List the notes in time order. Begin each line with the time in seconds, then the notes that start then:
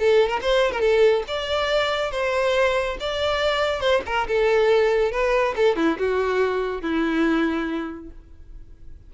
0.00 A4
0.29 A#4
0.42 C5
0.72 A#4
0.81 A4
1.28 D5
2.12 C5
3.00 D5
3.80 C5
4.06 A#4
4.28 A4
5.12 B4
5.56 A4
5.76 E4
5.99 F#4
6.82 E4